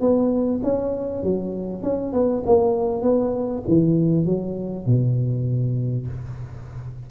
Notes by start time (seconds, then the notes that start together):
0.00 B3
0.63 C#4
1.23 F#3
1.82 C#4
2.12 B3
2.46 A#3
3.02 B3
3.67 E3
4.25 F#3
4.86 B2